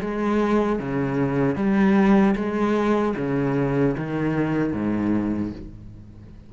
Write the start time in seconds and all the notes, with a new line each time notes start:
0.00 G#3
0.79 C#3
1.55 G3
2.35 G#3
3.16 C#3
3.97 D#3
4.73 G#2